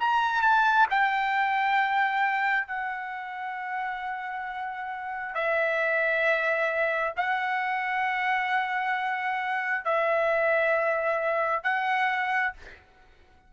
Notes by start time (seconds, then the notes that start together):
0.00 A#5
0.42 A5
0.91 G5
2.67 F#5
5.34 E5
7.17 F#5
9.85 E5
11.64 F#5